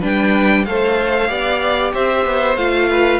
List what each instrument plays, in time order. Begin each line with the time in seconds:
0.00 cello G3, viola D4, violin B4 G5
0.64 cello A3, viola A4, violin C5 F5
1.28 cello B3, viola G4, violin D5
1.93 cello C4, violin C5 E5
2.25 cello B3
2.56 cello A3, viola F4, violin F5
2.89 violin B4